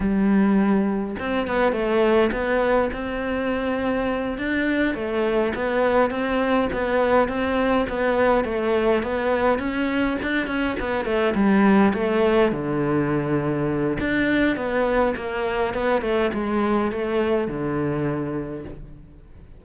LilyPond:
\new Staff \with { instrumentName = "cello" } { \time 4/4 \tempo 4 = 103 g2 c'8 b8 a4 | b4 c'2~ c'8 d'8~ | d'8 a4 b4 c'4 b8~ | b8 c'4 b4 a4 b8~ |
b8 cis'4 d'8 cis'8 b8 a8 g8~ | g8 a4 d2~ d8 | d'4 b4 ais4 b8 a8 | gis4 a4 d2 | }